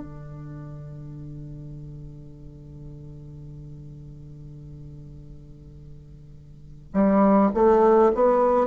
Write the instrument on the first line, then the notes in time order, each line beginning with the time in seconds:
bassoon
0.00 D3
6.93 G3
7.54 A3
8.15 B3